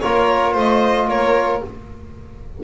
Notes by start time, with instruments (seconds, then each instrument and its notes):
0.00 double bass A#3, trombone F4, violin A#4 C#5
0.53 double bass A3, violin C5 D#5
1.08 double bass A#3, violin A#4 C#5